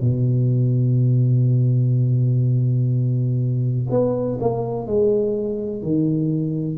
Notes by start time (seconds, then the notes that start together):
0.00 B2
3.89 B3
4.40 A#3
4.87 G#3
5.82 D#3